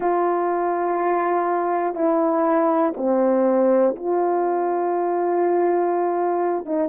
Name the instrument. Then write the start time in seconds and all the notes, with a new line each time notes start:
horn
0.00 F4
1.94 E4
2.96 C4
3.95 F4
6.65 D#4